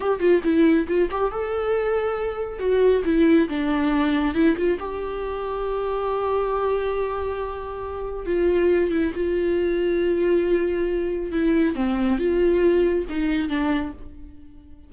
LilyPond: \new Staff \with { instrumentName = "viola" } { \time 4/4 \tempo 4 = 138 g'8 f'8 e'4 f'8 g'8 a'4~ | a'2 fis'4 e'4 | d'2 e'8 f'8 g'4~ | g'1~ |
g'2. f'4~ | f'8 e'8 f'2.~ | f'2 e'4 c'4 | f'2 dis'4 d'4 | }